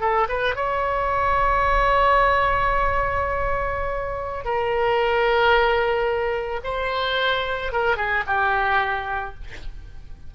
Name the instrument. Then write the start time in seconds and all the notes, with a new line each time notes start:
oboe
0.00 A4
0.28 B4
0.55 C#5
4.44 A#4
6.64 C5
7.72 A#4
7.96 G#4
8.26 G4